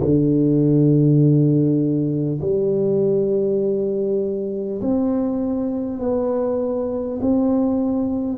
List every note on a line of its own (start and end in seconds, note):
0.00 2.40 D3
2.41 4.81 G3
4.82 5.99 C4
5.99 7.19 B3
7.21 8.38 C4